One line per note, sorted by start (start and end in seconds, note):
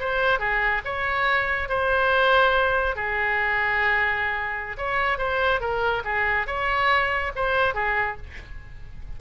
0.00 0.39 C5
0.39 0.82 G#4
0.85 1.69 C#5
1.69 2.96 C5
2.96 4.77 G#4
4.78 5.18 C#5
5.18 5.61 C5
5.61 6.03 A#4
6.04 6.47 G#4
6.47 7.32 C#5
7.36 7.75 C5
7.75 8.17 G#4